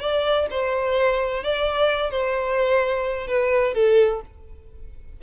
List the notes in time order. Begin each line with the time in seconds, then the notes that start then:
0.00 D5
0.50 C5
1.44 D5
2.11 C5
3.27 B4
3.74 A4